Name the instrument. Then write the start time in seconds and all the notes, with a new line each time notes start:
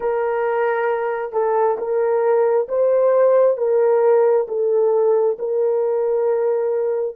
horn
0.00 A#4
1.32 A4
1.78 A#4
2.68 C5
3.57 A#4
4.48 A4
5.39 A#4